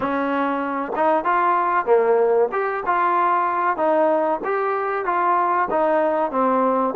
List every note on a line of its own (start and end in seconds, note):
0.00 0.92 C#4
0.95 1.24 D#4
1.24 1.85 F4
1.85 2.49 A#3
2.52 2.83 G4
2.86 3.77 F4
3.77 4.40 D#4
4.44 5.05 G4
5.05 5.68 F4
5.70 6.31 D#4
6.31 6.94 C4